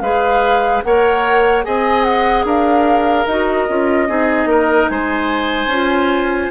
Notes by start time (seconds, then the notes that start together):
0.00 G#3 G#4 B4 F5
0.82 A#3 A#4 C#5 F#5
1.63 C4 G#4 D#5 G#5
2.03 F#5
2.44 D4 A#4 F5
3.26 D#4 F#4 D#5
3.68 C#4 F4
4.08 C4 D#4 G#4
4.45 A#3 A#4
4.88 G#3 C5 G#5
5.66 C#4
5.72 F4